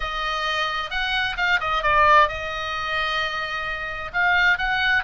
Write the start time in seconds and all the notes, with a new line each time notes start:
0.00 D#5
0.90 F#5
1.36 F5
1.60 D#5
1.82 D5
2.28 D#5
4.13 F5
4.58 F#5